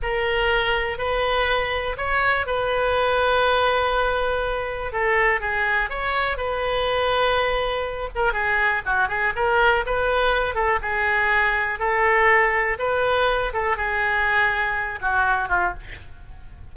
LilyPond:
\new Staff \with { instrumentName = "oboe" } { \time 4/4 \tempo 4 = 122 ais'2 b'2 | cis''4 b'2.~ | b'2 a'4 gis'4 | cis''4 b'2.~ |
b'8 ais'8 gis'4 fis'8 gis'8 ais'4 | b'4. a'8 gis'2 | a'2 b'4. a'8 | gis'2~ gis'8 fis'4 f'8 | }